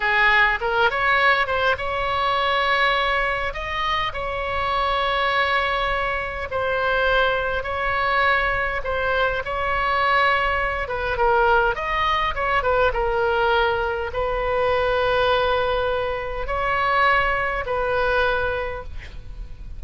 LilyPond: \new Staff \with { instrumentName = "oboe" } { \time 4/4 \tempo 4 = 102 gis'4 ais'8 cis''4 c''8 cis''4~ | cis''2 dis''4 cis''4~ | cis''2. c''4~ | c''4 cis''2 c''4 |
cis''2~ cis''8 b'8 ais'4 | dis''4 cis''8 b'8 ais'2 | b'1 | cis''2 b'2 | }